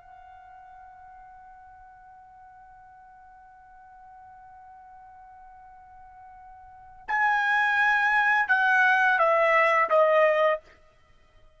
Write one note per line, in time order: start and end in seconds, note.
0.00 7.06 F#5
7.07 8.48 G#5
8.48 9.18 F#5
9.18 9.89 E5
9.89 10.60 D#5